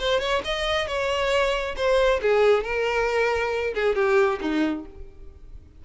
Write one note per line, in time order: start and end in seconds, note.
0.00 0.20 C5
0.20 0.42 C#5
0.45 0.88 D#5
0.88 1.76 C#5
1.77 2.21 C5
2.23 2.64 G#4
2.64 3.74 A#4
3.75 3.96 G#4
3.96 4.40 G4
4.42 4.86 D#4